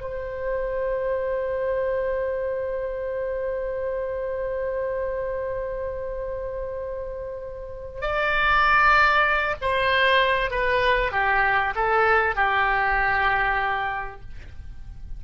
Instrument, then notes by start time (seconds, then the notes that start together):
oboe
0.00 C5
8.01 D5
9.61 C5
10.50 B4
11.12 G4
11.75 A4
12.35 G4